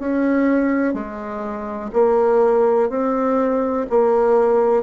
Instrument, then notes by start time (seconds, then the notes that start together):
bassoon
0.00 C#4
0.95 G#3
1.94 A#3
2.90 C4
3.90 A#3